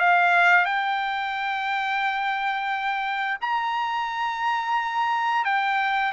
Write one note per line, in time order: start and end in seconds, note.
0.00 0.66 F5
0.66 3.38 G5
3.42 5.45 A#5
5.45 6.13 G5